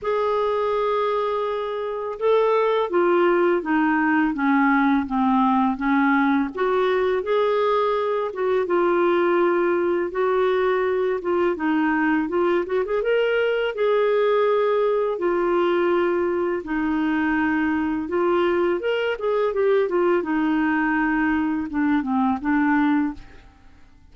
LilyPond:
\new Staff \with { instrumentName = "clarinet" } { \time 4/4 \tempo 4 = 83 gis'2. a'4 | f'4 dis'4 cis'4 c'4 | cis'4 fis'4 gis'4. fis'8 | f'2 fis'4. f'8 |
dis'4 f'8 fis'16 gis'16 ais'4 gis'4~ | gis'4 f'2 dis'4~ | dis'4 f'4 ais'8 gis'8 g'8 f'8 | dis'2 d'8 c'8 d'4 | }